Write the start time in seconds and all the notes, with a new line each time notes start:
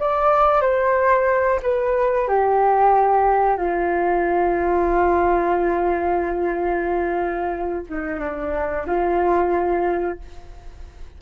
0.00 D5
0.61 C5
1.63 B4
2.28 G4
3.58 F4
7.89 D#4
8.21 D4
8.87 F4